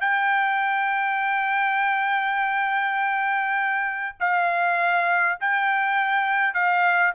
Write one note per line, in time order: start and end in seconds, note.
0.00 4.16 G5
4.20 5.38 F5
5.40 6.54 G5
6.54 7.13 F5